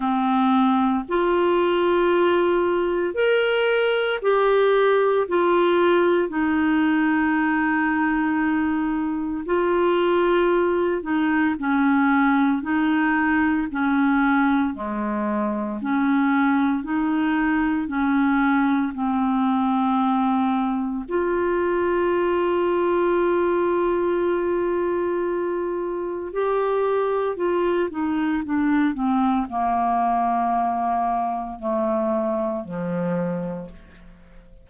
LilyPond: \new Staff \with { instrumentName = "clarinet" } { \time 4/4 \tempo 4 = 57 c'4 f'2 ais'4 | g'4 f'4 dis'2~ | dis'4 f'4. dis'8 cis'4 | dis'4 cis'4 gis4 cis'4 |
dis'4 cis'4 c'2 | f'1~ | f'4 g'4 f'8 dis'8 d'8 c'8 | ais2 a4 f4 | }